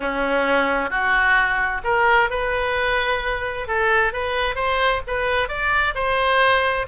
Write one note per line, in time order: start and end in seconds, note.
0.00 0.90 C#4
0.90 1.81 F#4
1.84 2.30 A#4
2.30 3.67 B4
3.67 4.12 A4
4.12 4.55 B4
4.55 5.01 C5
5.07 5.48 B4
5.48 5.94 D5
5.94 6.86 C5